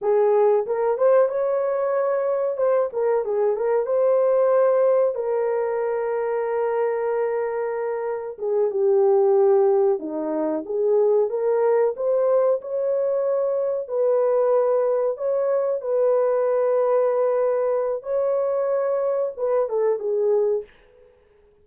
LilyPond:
\new Staff \with { instrumentName = "horn" } { \time 4/4 \tempo 4 = 93 gis'4 ais'8 c''8 cis''2 | c''8 ais'8 gis'8 ais'8 c''2 | ais'1~ | ais'4 gis'8 g'2 dis'8~ |
dis'8 gis'4 ais'4 c''4 cis''8~ | cis''4. b'2 cis''8~ | cis''8 b'2.~ b'8 | cis''2 b'8 a'8 gis'4 | }